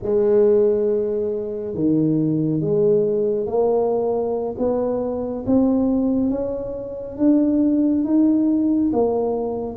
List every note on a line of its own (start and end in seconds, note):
0.02 1.74 G#3
1.74 2.60 D#3
2.60 3.46 G#3
3.46 4.55 A#3
4.57 5.44 B3
5.46 6.30 C4
6.30 7.17 C#4
7.17 8.04 D4
8.04 8.91 D#4
8.92 9.76 A#3